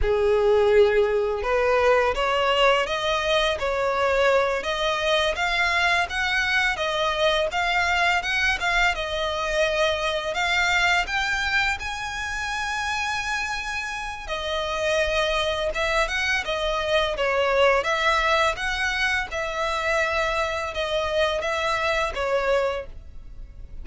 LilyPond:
\new Staff \with { instrumentName = "violin" } { \time 4/4 \tempo 4 = 84 gis'2 b'4 cis''4 | dis''4 cis''4. dis''4 f''8~ | f''8 fis''4 dis''4 f''4 fis''8 | f''8 dis''2 f''4 g''8~ |
g''8 gis''2.~ gis''8 | dis''2 e''8 fis''8 dis''4 | cis''4 e''4 fis''4 e''4~ | e''4 dis''4 e''4 cis''4 | }